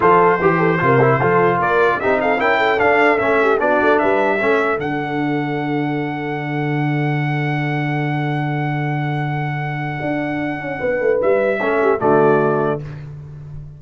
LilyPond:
<<
  \new Staff \with { instrumentName = "trumpet" } { \time 4/4 \tempo 4 = 150 c''1 | d''4 e''8 f''8 g''4 f''4 | e''4 d''4 e''2 | fis''1~ |
fis''1~ | fis''1~ | fis''1 | e''2 d''2 | }
  \new Staff \with { instrumentName = "horn" } { \time 4/4 a'4 g'8 a'8 ais'4 a'4 | ais'4 g'8 a'8 ais'8 a'4.~ | a'8 g'8 fis'4 b'4 a'4~ | a'1~ |
a'1~ | a'1~ | a'2. b'4~ | b'4 a'8 g'8 fis'2 | }
  \new Staff \with { instrumentName = "trombone" } { \time 4/4 f'4 g'4 f'8 e'8 f'4~ | f'4 dis'4 e'4 d'4 | cis'4 d'2 cis'4 | d'1~ |
d'1~ | d'1~ | d'1~ | d'4 cis'4 a2 | }
  \new Staff \with { instrumentName = "tuba" } { \time 4/4 f4 e4 c4 f4 | ais4 c'4 cis'4 d'4 | a4 b8 a8 g4 a4 | d1~ |
d1~ | d1~ | d4 d'4. cis'8 b8 a8 | g4 a4 d2 | }
>>